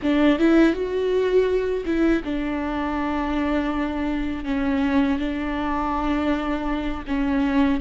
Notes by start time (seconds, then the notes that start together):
0.02 D4
0.38 E4
0.73 F#4
1.85 E4
2.24 D4
4.44 C#4
5.18 D4
7.07 C#4